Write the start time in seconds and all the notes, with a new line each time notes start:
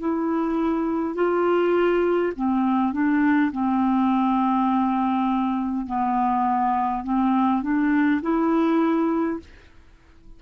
0.00 E4
1.16 F4
2.36 C4
2.93 D4
3.52 C4
5.87 B3
7.04 C4
7.63 D4
8.22 E4